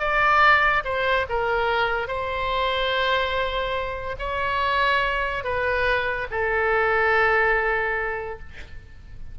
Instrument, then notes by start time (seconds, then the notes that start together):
oboe
0.00 D5
0.85 C5
1.30 A#4
2.08 C5
4.19 C#5
5.44 B4
6.31 A4